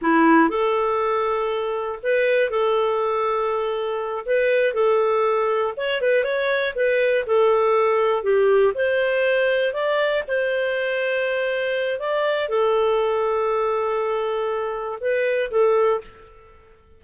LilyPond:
\new Staff \with { instrumentName = "clarinet" } { \time 4/4 \tempo 4 = 120 e'4 a'2. | b'4 a'2.~ | a'8 b'4 a'2 cis''8 | b'8 cis''4 b'4 a'4.~ |
a'8 g'4 c''2 d''8~ | d''8 c''2.~ c''8 | d''4 a'2.~ | a'2 b'4 a'4 | }